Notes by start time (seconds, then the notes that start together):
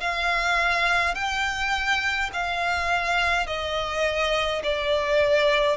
0.00 F5
1.15 G5
2.33 F5
3.47 D#5
4.64 D5